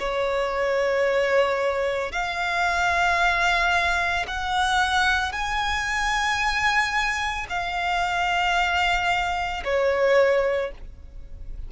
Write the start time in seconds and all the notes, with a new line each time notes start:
0.00 C#5
2.12 F5
4.28 F#5
5.33 G#5
7.50 F5
9.65 C#5